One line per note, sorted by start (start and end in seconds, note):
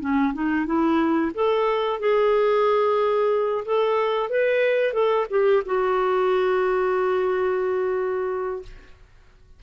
0.00 0.33 C#4
0.33 0.66 D#4
0.66 1.32 E4
1.34 1.99 A4
1.99 3.64 G#4
3.65 4.29 A4
4.29 4.93 B4
4.93 5.26 A4
5.30 5.63 G4
5.65 8.62 F#4